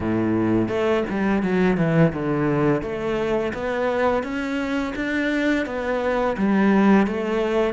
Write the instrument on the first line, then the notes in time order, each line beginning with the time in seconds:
cello
0.00 A2
0.68 A3
1.09 G3
1.42 F#3
1.76 E3
2.12 D3
2.82 A3
3.53 B3
4.23 C#4
4.95 D4
5.65 B3
6.37 G3
7.06 A3